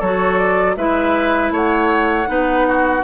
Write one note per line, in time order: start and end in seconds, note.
0.00 0.77 F#3
0.00 0.77 F#4
0.00 0.76 A4
0.00 0.38 C#5
0.38 0.76 D5
0.77 1.52 G#3
0.77 2.26 E4
0.77 1.53 B4
0.77 1.53 E5
1.52 2.28 A3
1.52 2.29 C#5
1.52 3.04 F#5
2.26 3.04 B3
2.26 3.02 D#4
2.26 2.68 B4
2.68 3.04 F#4